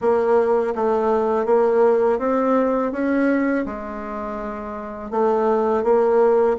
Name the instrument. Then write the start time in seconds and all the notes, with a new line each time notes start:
bassoon
0.01 A#3
0.75 A3
1.45 A#3
2.19 C4
2.92 C#4
3.66 G#3
5.11 A3
5.83 A#3